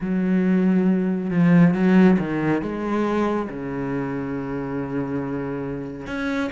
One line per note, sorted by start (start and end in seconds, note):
0.00 1.30 F#3
1.30 1.74 F3
1.74 2.17 F#3
2.18 2.61 D#3
2.61 3.48 G#3
3.49 6.07 C#3
6.07 6.50 C#4